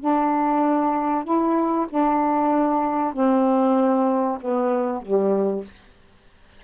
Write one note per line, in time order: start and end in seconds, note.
0.00 1.24 D4
1.24 1.86 E4
1.89 3.13 D4
3.13 4.38 C4
4.41 5.01 B3
5.01 5.64 G3